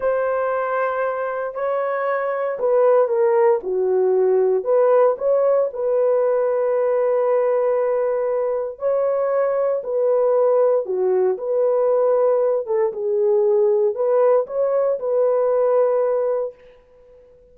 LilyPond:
\new Staff \with { instrumentName = "horn" } { \time 4/4 \tempo 4 = 116 c''2. cis''4~ | cis''4 b'4 ais'4 fis'4~ | fis'4 b'4 cis''4 b'4~ | b'1~ |
b'4 cis''2 b'4~ | b'4 fis'4 b'2~ | b'8 a'8 gis'2 b'4 | cis''4 b'2. | }